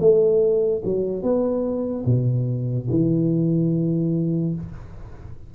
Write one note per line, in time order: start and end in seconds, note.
0.00 0.82 A3
0.84 1.23 F#3
1.23 2.05 B3
2.05 2.88 B2
2.90 4.55 E3